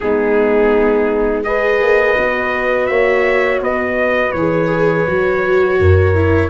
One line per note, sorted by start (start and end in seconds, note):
0.00 1.81 G#3
0.00 1.44 B3
0.00 1.46 D#4
0.00 1.43 G#4
1.43 2.16 G#4
1.43 2.90 B4
1.43 2.86 D#5
1.81 2.17 A#3
2.16 2.89 B3
2.16 4.33 F#4
2.86 3.60 A#3
2.86 3.61 C#5
2.86 3.58 E5
3.60 4.32 B3
3.60 5.78 B4
3.60 4.32 D#5
4.32 5.05 E3
4.32 5.06 G#4
4.32 6.49 C#5
5.06 5.79 F#3
5.06 6.14 F#4
5.79 6.49 F#2
5.79 6.49 A#4
6.14 6.49 E4